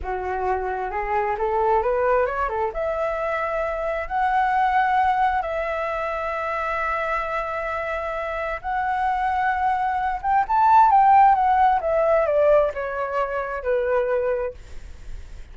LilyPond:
\new Staff \with { instrumentName = "flute" } { \time 4/4 \tempo 4 = 132 fis'2 gis'4 a'4 | b'4 cis''8 a'8 e''2~ | e''4 fis''2. | e''1~ |
e''2. fis''4~ | fis''2~ fis''8 g''8 a''4 | g''4 fis''4 e''4 d''4 | cis''2 b'2 | }